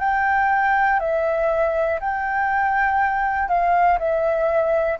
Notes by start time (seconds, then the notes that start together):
0.00 G5
1.00 E5
2.00 G5
3.49 F5
4.00 E5